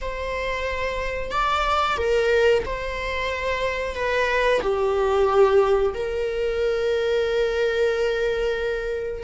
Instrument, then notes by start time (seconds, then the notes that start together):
viola
0.01 C5
1.31 D5
1.97 A#4
2.65 C5
3.95 B4
4.61 G4
5.93 A#4